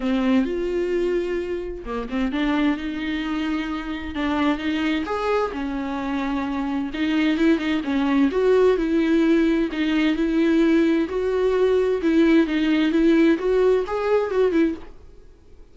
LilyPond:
\new Staff \with { instrumentName = "viola" } { \time 4/4 \tempo 4 = 130 c'4 f'2. | ais8 c'8 d'4 dis'2~ | dis'4 d'4 dis'4 gis'4 | cis'2. dis'4 |
e'8 dis'8 cis'4 fis'4 e'4~ | e'4 dis'4 e'2 | fis'2 e'4 dis'4 | e'4 fis'4 gis'4 fis'8 e'8 | }